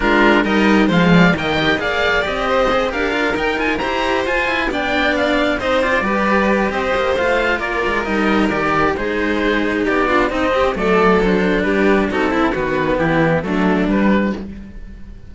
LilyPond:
<<
  \new Staff \with { instrumentName = "oboe" } { \time 4/4 \tempo 4 = 134 ais'4 dis''4 f''4 g''4 | f''4 dis''4. f''4 g''8 | gis''8 ais''4 gis''4 g''4 f''8~ | f''8 dis''8 d''2 dis''4 |
f''4 d''4 dis''4 d''4 | c''2 d''4 dis''4 | d''4 c''4 b'4 a'4 | b'4 g'4 a'4 b'4 | }
  \new Staff \with { instrumentName = "violin" } { \time 4/4 f'4 ais'4 c''8 d''8 dis''4 | d''4. c''4 ais'4.~ | ais'8 c''2 d''4.~ | d''8 c''4 b'4. c''4~ |
c''4 ais'2. | gis'2 g'8 f'8 dis'8 g'8 | a'2 g'4 fis'8 e'8 | fis'4 e'4 d'2 | }
  \new Staff \with { instrumentName = "cello" } { \time 4/4 d'4 dis'4 gis4 ais8 g'8 | gis'4 g'4 gis'8 g'8 f'8 dis'8 | f'8 g'4 f'8 e'8 d'4.~ | d'8 dis'8 f'8 g'2~ g'8 |
f'2 dis'4 g'4 | dis'2~ dis'8 d'8 c'4 | a4 d'2 dis'8 e'8 | b2 a4 g4 | }
  \new Staff \with { instrumentName = "cello" } { \time 4/4 gis4 g4 f4 dis4 | ais4 c'4. d'4 dis'8~ | dis'8 e'4 f'4 b4.~ | b8 c'4 g4. c'8 ais8 |
a4 ais8 gis8 g4 dis4 | gis2 b4 c'4 | fis2 g4 c'4 | dis4 e4 fis4 g4 | }
>>